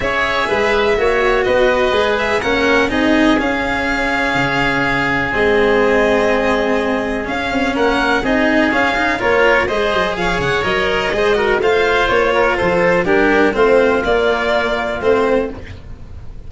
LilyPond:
<<
  \new Staff \with { instrumentName = "violin" } { \time 4/4 \tempo 4 = 124 e''2. dis''4~ | dis''8 e''8 fis''4 dis''4 f''4~ | f''2. dis''4~ | dis''2. f''4 |
fis''4 dis''4 f''4 cis''4 | dis''4 f''8 fis''8 dis''2 | f''4 cis''4 c''4 ais'4 | c''4 d''2 c''4 | }
  \new Staff \with { instrumentName = "oboe" } { \time 4/4 cis''4 b'4 cis''4 b'4~ | b'4 ais'4 gis'2~ | gis'1~ | gis'1 |
ais'4 gis'2 ais'4 | c''4 cis''2 c''8 ais'8 | c''4. ais'8 a'4 g'4 | f'1 | }
  \new Staff \with { instrumentName = "cello" } { \time 4/4 gis'2 fis'2 | gis'4 cis'4 dis'4 cis'4~ | cis'2. c'4~ | c'2. cis'4~ |
cis'4 dis'4 cis'8 dis'8 f'4 | gis'2 ais'4 gis'8 fis'8 | f'2. d'4 | c'4 ais2 c'4 | }
  \new Staff \with { instrumentName = "tuba" } { \time 4/4 cis'4 gis4 ais4 b4 | gis4 ais4 c'4 cis'4~ | cis'4 cis2 gis4~ | gis2. cis'8 c'8 |
ais4 c'4 cis'4 ais4 | gis8 fis8 f8 cis8 fis4 gis4 | a4 ais4 f4 g4 | a4 ais2 a4 | }
>>